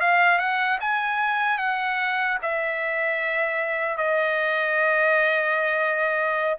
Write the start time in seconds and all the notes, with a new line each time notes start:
0.00 F5
0.39 F#5
0.80 G#5
1.58 F#5
2.42 E5
3.97 D#5